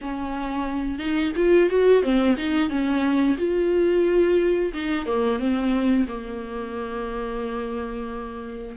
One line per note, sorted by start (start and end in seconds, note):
0.01 0.98 C#4
0.98 1.32 D#4
1.36 1.69 F4
1.69 2.02 F#4
2.02 2.36 C4
2.37 2.69 D#4
2.69 3.36 C#4
3.37 4.72 F4
4.73 5.06 D#4
5.06 5.39 A#3
5.39 6.06 C4
6.08 8.76 A#3